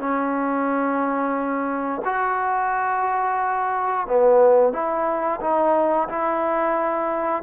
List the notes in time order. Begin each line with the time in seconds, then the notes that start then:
0.00 C#4
2.05 F#4
4.07 B3
4.73 E4
5.41 D#4
6.09 E4